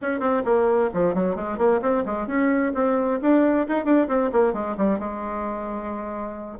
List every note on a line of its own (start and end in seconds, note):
0.01 0.20 C#4
0.20 0.42 C4
0.44 0.90 A#3
0.93 1.14 F3
1.14 1.35 F#3
1.35 1.58 G#3
1.58 1.80 A#3
1.81 2.04 C4
2.05 2.27 G#3
2.27 2.73 C#4
2.74 3.19 C4
3.21 3.67 D4
3.68 3.84 D#4
3.84 4.07 D4
4.08 4.30 C4
4.32 4.53 A#3
4.53 4.76 G#3
4.77 4.99 G3
4.99 6.58 G#3